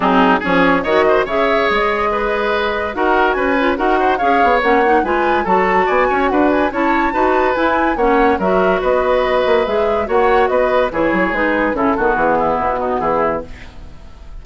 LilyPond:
<<
  \new Staff \with { instrumentName = "flute" } { \time 4/4 \tempo 4 = 143 gis'4 cis''4 dis''4 e''4 | dis''2. fis''4 | gis''4 fis''4 f''4 fis''4 | gis''4 a''4 gis''4 fis''8 gis''8 |
a''2 gis''4 fis''4 | e''4 dis''2 e''4 | fis''4 dis''4 cis''4 b'4 | a'4 gis'4 fis'4 gis'4 | }
  \new Staff \with { instrumentName = "oboe" } { \time 4/4 dis'4 gis'4 cis''8 c''8 cis''4~ | cis''4 b'2 ais'4 | b'4 ais'8 c''8 cis''2 | b'4 a'4 d''8 cis''8 b'4 |
cis''4 b'2 cis''4 | ais'4 b'2. | cis''4 b'4 gis'2 | e'8 fis'4 e'4 dis'8 e'4 | }
  \new Staff \with { instrumentName = "clarinet" } { \time 4/4 c'4 cis'4 fis'4 gis'4~ | gis'2. fis'4~ | fis'8 f'8 fis'4 gis'4 cis'8 dis'8 | f'4 fis'2. |
e'4 fis'4 e'4 cis'4 | fis'2. gis'4 | fis'2 e'4 dis'4 | cis'8 b2.~ b8 | }
  \new Staff \with { instrumentName = "bassoon" } { \time 4/4 fis4 f4 dis4 cis4 | gis2. dis'4 | cis'4 dis'4 cis'8 b8 ais4 | gis4 fis4 b8 cis'8 d'4 |
cis'4 dis'4 e'4 ais4 | fis4 b4. ais8 gis4 | ais4 b4 e8 fis8 gis4 | cis8 dis8 e4 b,4 e4 | }
>>